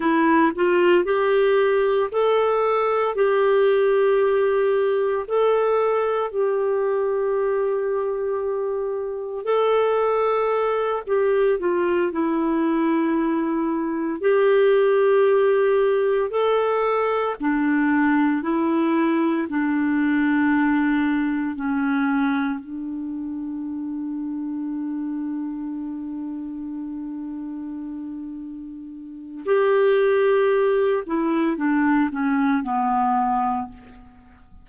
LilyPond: \new Staff \with { instrumentName = "clarinet" } { \time 4/4 \tempo 4 = 57 e'8 f'8 g'4 a'4 g'4~ | g'4 a'4 g'2~ | g'4 a'4. g'8 f'8 e'8~ | e'4. g'2 a'8~ |
a'8 d'4 e'4 d'4.~ | d'8 cis'4 d'2~ d'8~ | d'1 | g'4. e'8 d'8 cis'8 b4 | }